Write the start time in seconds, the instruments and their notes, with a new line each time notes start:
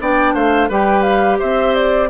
0.00 bassoon B3, clarinet D4, oboe D5, flute G5
0.34 bassoon A3, oboe C5, flute F5
0.69 bassoon G3, clarinet G4, oboe B4, flute G5
1.02 flute F5
1.39 bassoon C4, oboe C5, flute E5
1.74 flute D5